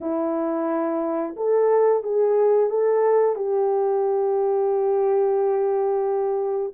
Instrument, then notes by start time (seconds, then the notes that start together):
horn
0.00 E4
1.36 A4
2.03 G#4
2.70 A4
3.35 G4